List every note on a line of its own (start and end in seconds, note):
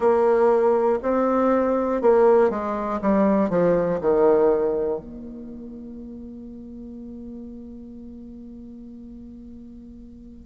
0.00 0.99 A#3
1.02 2.01 C4
2.01 2.50 A#3
2.50 3.00 G#3
3.01 3.49 G3
3.49 3.99 F3
4.01 5.00 D#3
5.00 10.45 A#3